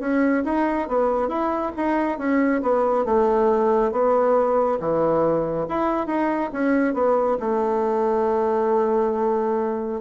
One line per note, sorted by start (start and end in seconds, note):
0.00 0.43 C#4
0.45 0.88 D#4
0.88 1.28 B3
1.28 1.72 E4
1.77 2.18 D#4
2.18 2.61 C#4
2.62 3.05 B3
3.05 3.92 A3
3.92 4.79 B3
4.80 5.67 E3
5.69 6.07 E4
6.07 6.50 D#4
6.53 6.94 C#4
6.94 7.37 B3
7.40 10.01 A3